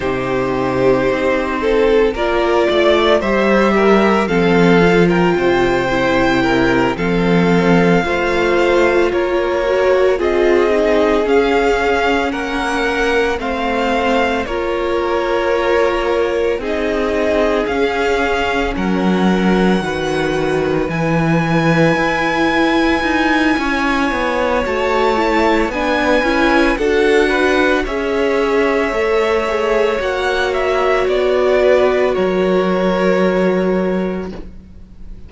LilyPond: <<
  \new Staff \with { instrumentName = "violin" } { \time 4/4 \tempo 4 = 56 c''2 d''4 e''4 | f''8. g''4.~ g''16 f''4.~ | f''8 cis''4 dis''4 f''4 fis''8~ | fis''8 f''4 cis''2 dis''8~ |
dis''8 f''4 fis''2 gis''8~ | gis''2. a''4 | gis''4 fis''4 e''2 | fis''8 e''8 d''4 cis''2 | }
  \new Staff \with { instrumentName = "violin" } { \time 4/4 g'4. a'8 ais'8 d''8 c''8 ais'8 | a'8. ais'16 c''4 ais'8 a'4 c''8~ | c''8 ais'4 gis'2 ais'8~ | ais'8 c''4 ais'2 gis'8~ |
gis'4. ais'4 b'4.~ | b'2 cis''2 | b'4 a'8 b'8 cis''2~ | cis''4. b'8 ais'2 | }
  \new Staff \with { instrumentName = "viola" } { \time 4/4 dis'2 f'4 g'4 | c'8 f'4 e'4 c'4 f'8~ | f'4 fis'8 f'8 dis'8 cis'4.~ | cis'8 c'4 f'2 dis'8~ |
dis'8 cis'2 fis'4 e'8~ | e'2. fis'8 e'8 | d'8 e'8 fis'4 gis'4 a'8 gis'8 | fis'1 | }
  \new Staff \with { instrumentName = "cello" } { \time 4/4 c4 c'4 ais8 a8 g4 | f4 c4. f4 a8~ | a8 ais4 c'4 cis'4 ais8~ | ais8 a4 ais2 c'8~ |
c'8 cis'4 fis4 dis4 e8~ | e8 e'4 dis'8 cis'8 b8 a4 | b8 cis'8 d'4 cis'4 a4 | ais4 b4 fis2 | }
>>